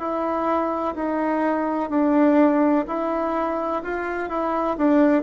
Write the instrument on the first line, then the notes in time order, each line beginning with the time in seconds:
bassoon
0.00 E4
0.96 D#4
1.90 D4
2.88 E4
3.84 F4
4.29 E4
4.77 D4